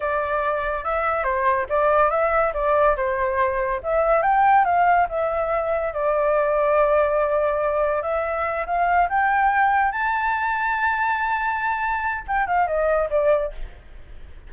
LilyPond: \new Staff \with { instrumentName = "flute" } { \time 4/4 \tempo 4 = 142 d''2 e''4 c''4 | d''4 e''4 d''4 c''4~ | c''4 e''4 g''4 f''4 | e''2 d''2~ |
d''2. e''4~ | e''8 f''4 g''2 a''8~ | a''1~ | a''4 g''8 f''8 dis''4 d''4 | }